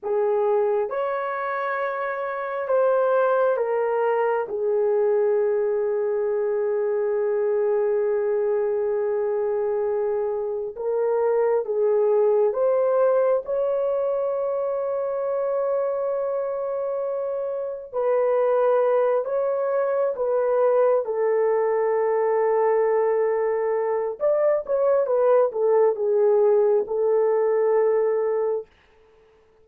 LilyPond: \new Staff \with { instrumentName = "horn" } { \time 4/4 \tempo 4 = 67 gis'4 cis''2 c''4 | ais'4 gis'2.~ | gis'1 | ais'4 gis'4 c''4 cis''4~ |
cis''1 | b'4. cis''4 b'4 a'8~ | a'2. d''8 cis''8 | b'8 a'8 gis'4 a'2 | }